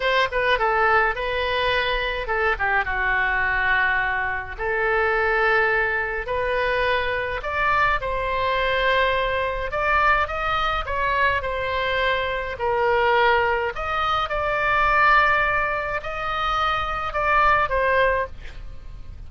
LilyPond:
\new Staff \with { instrumentName = "oboe" } { \time 4/4 \tempo 4 = 105 c''8 b'8 a'4 b'2 | a'8 g'8 fis'2. | a'2. b'4~ | b'4 d''4 c''2~ |
c''4 d''4 dis''4 cis''4 | c''2 ais'2 | dis''4 d''2. | dis''2 d''4 c''4 | }